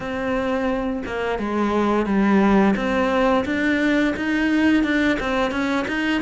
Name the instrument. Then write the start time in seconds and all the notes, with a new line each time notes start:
cello
0.00 C4
1.05 A#3
1.38 G#3
2.05 G3
2.76 C4
3.45 D4
4.16 D#4
4.83 D4
5.19 C4
5.51 C#4
5.87 D#4